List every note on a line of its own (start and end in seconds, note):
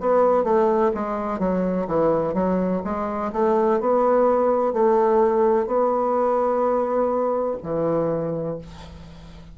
0.00 0.44 B3
0.44 0.91 A3
0.94 1.39 G#3
1.39 1.87 F#3
1.87 2.34 E3
2.34 2.81 F#3
2.84 3.32 G#3
3.32 3.80 A3
3.80 4.73 B3
4.73 5.67 A3
5.67 7.57 B3
7.63 8.58 E3